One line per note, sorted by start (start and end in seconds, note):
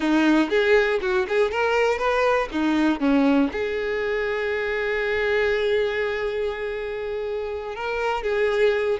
0.00 0.49 D#4
0.49 0.99 G#4
1.01 1.26 F#4
1.28 1.51 G#4
1.51 1.98 A#4
1.98 2.48 B4
2.51 3.00 D#4
3.00 3.50 C#4
3.52 7.75 G#4
7.75 8.23 A#4
8.23 8.98 G#4